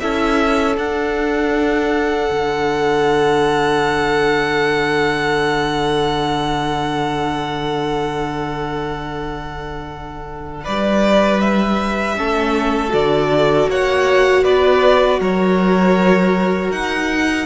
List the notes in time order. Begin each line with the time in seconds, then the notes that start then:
0.00 C#4 E4 A4 E5
0.75 D4 F#5
2.31 D3
10.64 G3 B4 D5
11.40 E5
12.17 A3 C#4 A4
12.89 D3 F#4 D5
13.68 A#3 C#5 F#5
14.43 B3 B4 D5
15.19 F#3 A#4 C#5
16.71 D#4 F#5